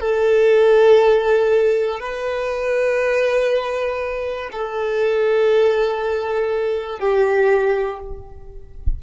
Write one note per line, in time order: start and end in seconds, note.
0.00 2.00 A4
2.00 4.50 B4
4.52 6.99 A4
6.99 7.99 G4